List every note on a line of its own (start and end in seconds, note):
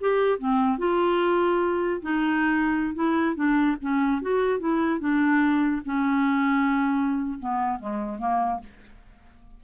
0.00 0.38 G4
0.38 0.78 C4
0.78 2.01 F4
2.02 2.94 D#4
2.95 3.35 E4
3.35 3.77 D4
3.81 4.22 C#4
4.22 4.59 F#4
4.59 5.00 E4
5.00 5.82 D4
5.85 7.39 C#4
7.39 7.79 B3
7.79 8.19 G#3
8.19 8.60 A#3